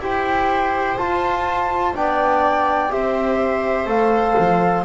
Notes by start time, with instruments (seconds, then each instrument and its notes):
0.00 double bass E4, trombone G4, viola C5, flute G5
0.97 trombone F4, double bass F4, flute A5
1.95 double bass B3, trombone D4, viola D5, flute G5
2.89 double bass C4, trombone G4, viola C5, flute E5
3.86 double bass A3, trombone A4, flute F5
4.39 double bass F3